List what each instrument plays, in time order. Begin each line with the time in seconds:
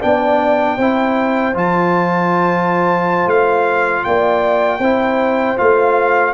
0.00 tuba B3, trombone D4, horn D5, trumpet G5
0.77 tuba C4, trombone E4, horn C5
1.54 tuba F3, trombone F4, trumpet A5
3.26 tuba A3, trumpet F5
4.04 tuba A#3, horn D5, trumpet G5
4.79 tuba C4, trombone E4, horn C5
5.57 tuba A3, trombone F4, trumpet F5